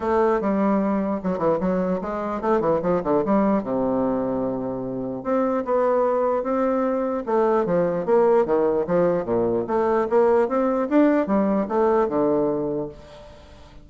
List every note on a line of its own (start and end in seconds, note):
0.00 0.40 A3
0.40 1.21 G3
1.23 1.38 F#3
1.38 1.58 E3
1.60 2.00 F#3
2.01 2.41 G#3
2.41 2.60 A3
2.60 2.80 E3
2.82 3.02 F3
3.03 3.23 D3
3.25 3.63 G3
3.63 5.23 C3
5.23 5.64 C4
5.64 6.43 B3
6.43 7.23 C4
7.26 7.65 A3
7.65 8.05 F3
8.05 8.45 A#3
8.45 8.86 D#3
8.86 9.25 F3
9.25 9.65 A#2
9.67 10.07 A3
10.09 10.48 A#3
10.48 10.88 C4
10.89 11.26 D4
11.26 11.66 G3
11.68 12.08 A3
12.08 12.89 D3